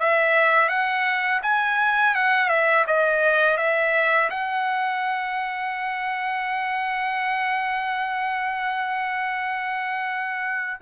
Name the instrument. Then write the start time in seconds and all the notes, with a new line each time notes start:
trumpet
0.00 E5
0.69 F#5
1.43 G#5
2.15 F#5
2.49 E5
2.87 D#5
3.58 E5
4.30 F#5